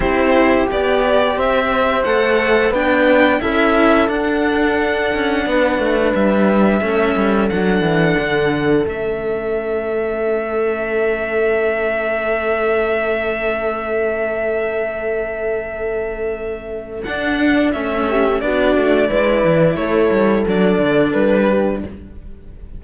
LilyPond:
<<
  \new Staff \with { instrumentName = "violin" } { \time 4/4 \tempo 4 = 88 c''4 d''4 e''4 fis''4 | g''4 e''4 fis''2~ | fis''4 e''2 fis''4~ | fis''4 e''2.~ |
e''1~ | e''1~ | e''4 fis''4 e''4 d''4~ | d''4 cis''4 d''4 b'4 | }
  \new Staff \with { instrumentName = "horn" } { \time 4/4 g'2 c''2 | b'4 a'2. | b'2 a'2~ | a'1~ |
a'1~ | a'1~ | a'2~ a'8 g'8 fis'4 | b'4 a'2~ a'8 g'8 | }
  \new Staff \with { instrumentName = "cello" } { \time 4/4 e'4 g'2 a'4 | d'4 e'4 d'2~ | d'2 cis'4 d'4~ | d'4 cis'2.~ |
cis'1~ | cis'1~ | cis'4 d'4 cis'4 d'4 | e'2 d'2 | }
  \new Staff \with { instrumentName = "cello" } { \time 4/4 c'4 b4 c'4 a4 | b4 cis'4 d'4. cis'8 | b8 a8 g4 a8 g8 fis8 e8 | d4 a2.~ |
a1~ | a1~ | a4 d'4 a4 b8 a8 | gis8 e8 a8 g8 fis8 d8 g4 | }
>>